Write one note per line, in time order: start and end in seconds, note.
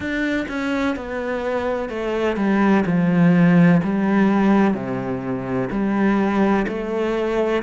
0.00 0.46 D4
0.48 0.95 C#4
0.95 1.89 B3
1.89 2.36 A3
2.36 2.84 G3
2.86 3.81 F3
3.83 4.74 G3
4.74 5.69 C3
5.71 6.66 G3
6.68 7.62 A3